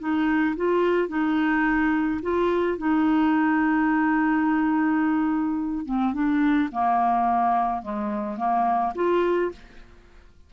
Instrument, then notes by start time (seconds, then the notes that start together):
clarinet
0.00 D#4
0.57 F4
1.09 D#4
2.23 F4
2.78 D#4
5.86 C4
6.14 D4
6.72 A#3
7.83 G#3
8.38 A#3
8.96 F4